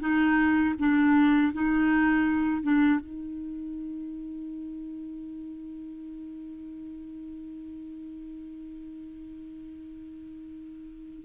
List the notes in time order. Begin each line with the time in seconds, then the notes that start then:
0.00 D#4
0.79 D4
1.53 D#4
2.63 D4
3.00 D#4